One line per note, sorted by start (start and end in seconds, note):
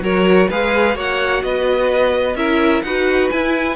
0.00 0.47 F#3
0.00 0.49 F#4
0.00 0.49 A#4
0.00 0.50 C#5
0.49 0.95 G#3
0.49 0.94 G#4
0.49 0.96 B4
0.49 0.97 F5
0.94 1.42 A#3
0.94 2.35 F#4
0.94 1.43 C#5
0.94 1.43 F#5
1.43 2.35 B3
1.43 2.36 B4
1.43 2.36 D#5
2.35 2.82 C#4
2.35 2.83 E4
2.35 2.83 A#4
2.35 2.83 E5
2.83 3.30 D#4
2.83 3.33 F#4
2.83 3.76 B4
2.83 3.29 F#5
3.30 3.76 E4
3.30 3.76 G#5